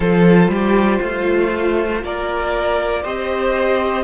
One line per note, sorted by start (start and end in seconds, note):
0.00 0.47 F3
0.00 3.04 F4
0.00 0.51 A4
0.00 2.03 C5
0.47 0.98 G3
0.47 1.00 G4
1.00 2.03 A3
1.00 2.01 F4
2.03 3.04 A#3
2.03 3.02 A#4
2.03 3.05 D5
3.02 4.03 C4
3.02 4.03 G4
3.02 4.03 C5
3.02 4.03 D#5